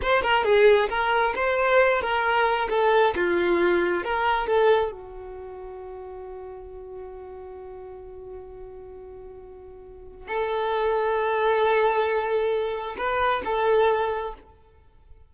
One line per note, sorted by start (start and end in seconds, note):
0.02 0.22 C5
0.22 0.44 A#4
0.44 0.88 G#4
0.89 1.34 A#4
1.35 2.01 C5
2.01 2.68 A#4
2.69 3.14 A4
3.15 4.04 F4
4.04 4.47 A#4
4.47 4.91 A4
4.91 10.27 F#4
10.27 12.96 A4
12.97 13.42 B4
13.44 14.34 A4